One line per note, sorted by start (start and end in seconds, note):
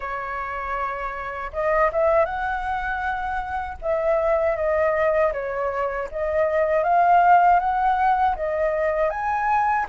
0.00 1.51 C#5
1.52 1.90 D#5
1.92 2.25 E5
2.25 3.77 F#5
3.81 4.56 E5
4.56 5.32 D#5
5.33 6.09 C#5
6.11 6.83 D#5
6.83 7.59 F5
7.59 8.35 F#5
8.35 9.10 D#5
9.10 9.86 G#5